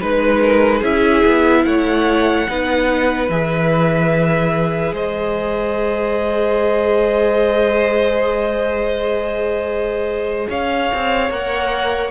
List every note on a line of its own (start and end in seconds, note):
0.00 0.83 G#3
0.00 0.83 D#4
0.00 0.41 B4
0.00 0.84 B4
0.42 0.78 A#4
0.78 1.24 C#4
0.78 2.48 E4
0.78 1.61 G#4
0.78 1.65 E5
1.24 1.65 B3
1.65 2.48 A3
1.65 2.49 C#5
1.65 3.29 F#5
2.48 3.29 B3
2.48 3.30 D#4
2.48 4.94 B4
3.29 4.92 E3
3.29 11.29 G#4
3.29 4.95 E5
4.92 10.47 G#3
4.92 10.49 C5
4.92 10.50 D#5
10.49 10.91 C#4
10.49 12.10 C#5
10.49 11.32 F5
10.94 11.30 C4
11.29 12.10 A#3
11.29 12.10 A#4
11.29 12.10 F#5